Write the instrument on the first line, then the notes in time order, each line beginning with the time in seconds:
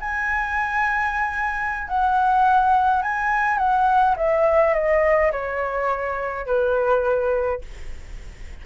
flute
0.00 G#5
1.87 F#5
3.02 G#5
3.57 F#5
4.16 E5
4.73 D#5
5.31 C#5
6.46 B4